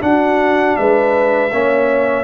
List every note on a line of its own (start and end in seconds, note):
0.00 1.50 D4
0.00 0.77 D4
0.00 0.78 F#4
0.00 0.76 F#5
0.76 1.52 G#3
0.76 1.52 B4
0.76 2.24 E5
1.52 2.24 A#3
1.52 2.24 C#4
1.52 2.24 C#5